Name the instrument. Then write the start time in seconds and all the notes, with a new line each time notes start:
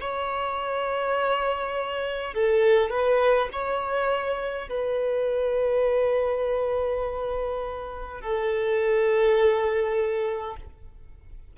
violin
0.00 C#5
2.34 A4
2.89 B4
3.52 C#5
4.68 B4
8.21 A4